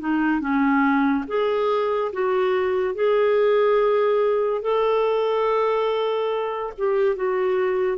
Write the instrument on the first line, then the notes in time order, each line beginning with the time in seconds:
clarinet
0.00 D#4
0.40 C#4
1.27 G#4
2.12 F#4
2.95 G#4
4.62 A4
6.78 G4
7.16 F#4